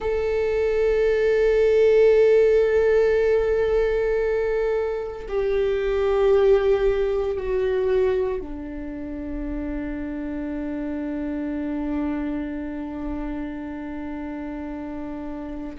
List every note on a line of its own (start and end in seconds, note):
0.00 5.27 A4
5.28 7.37 G4
7.37 8.40 F#4
8.40 15.77 D4